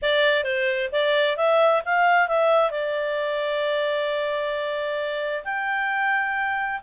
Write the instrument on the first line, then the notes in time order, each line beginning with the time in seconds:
clarinet
0.02 D5
0.44 C5
0.92 D5
1.36 E5
1.85 F5
2.27 E5
2.70 D5
5.44 G5